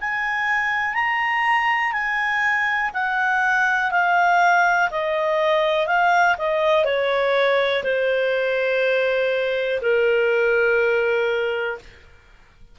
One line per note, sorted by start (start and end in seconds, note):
0.00 0.94 G#5
0.94 1.92 A#5
1.92 2.90 G#5
2.93 3.91 F#5
3.91 4.89 F5
4.90 5.87 D#5
5.87 6.36 F5
6.38 6.85 D#5
6.85 7.83 C#5
7.83 9.80 C5
9.81 11.78 A#4